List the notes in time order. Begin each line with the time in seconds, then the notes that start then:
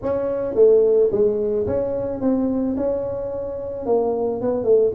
0.02 C#4
0.54 A3
1.11 G#3
1.66 C#4
2.20 C4
2.76 C#4
3.86 A#3
4.41 B3
4.64 A3